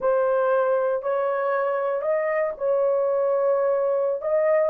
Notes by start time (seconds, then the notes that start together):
0.00 C5
1.02 C#5
2.01 D#5
2.57 C#5
4.21 D#5